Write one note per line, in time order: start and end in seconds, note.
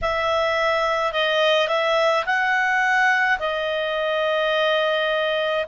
0.01 1.12 E5
1.12 1.68 D#5
1.68 2.24 E5
2.25 3.39 F#5
3.39 5.65 D#5